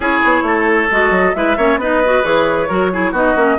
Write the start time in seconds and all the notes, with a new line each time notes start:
0.00 C#4 E4 G#4 C#5
0.24 B3
0.42 A3 A4
0.90 G#3 F#4 D#5
1.10 F#3
1.34 G#3 E4 B4 E5
1.57 A#3 C#4 C#5
1.76 B3 D#4 B4 D#5
2.04 F#4
2.23 E3 G#4 C#5
2.68 F#3 F#4 A#4
2.91 E4 G#4
3.11 B3 D#4 F#4 D#5
3.35 A#3 C#4